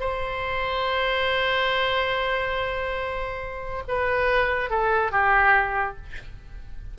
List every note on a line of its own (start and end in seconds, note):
0.00 3.83 C5
3.88 4.70 B4
4.70 5.11 A4
5.11 5.97 G4